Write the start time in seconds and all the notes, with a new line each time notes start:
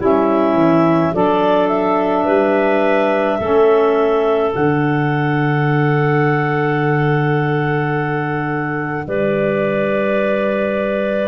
0.00 G3 C#4 E4 E5
0.54 E3
1.13 F#3 D4 A4 D5
1.68 E5
2.25 G3 B4
3.38 A3 C#4 A4
4.52 D3 D4 F#5
9.07 G3 B4 D5